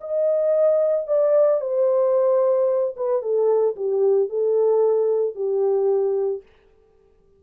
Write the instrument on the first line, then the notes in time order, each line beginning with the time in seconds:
horn
0.00 D#5
1.07 D5
1.61 C5
2.96 B4
3.22 A4
3.76 G4
4.29 A4
5.35 G4